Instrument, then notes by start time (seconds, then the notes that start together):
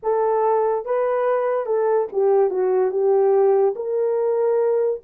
horn
0.02 A4
0.85 B4
1.66 A4
2.12 G4
2.50 F#4
2.91 G4
3.75 A#4